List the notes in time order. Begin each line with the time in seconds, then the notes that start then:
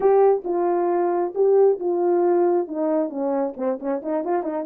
0.00 G4
0.44 F4
1.34 G4
1.79 F4
2.67 D#4
3.09 C#4
3.57 C4
3.79 C#4
4.02 D#4
4.24 F4
4.43 D#4